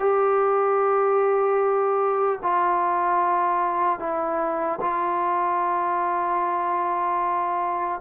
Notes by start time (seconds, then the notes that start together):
0.00 G4
2.43 F4
4.00 E4
4.81 F4